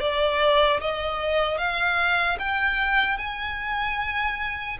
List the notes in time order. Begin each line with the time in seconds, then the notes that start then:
0.00 D5
0.80 D#5
1.57 F5
2.39 G5
3.18 G#5